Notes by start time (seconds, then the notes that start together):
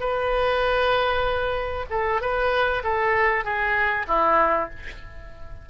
0.00 B4
1.90 A4
2.21 B4
2.83 A4
3.44 G#4
4.07 E4